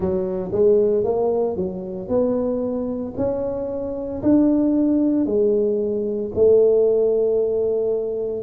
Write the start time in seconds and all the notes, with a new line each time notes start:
0.00 F#3
0.52 G#3
1.04 A#3
1.56 F#3
2.08 B3
3.16 C#4
4.22 D4
5.25 G#3
6.34 A3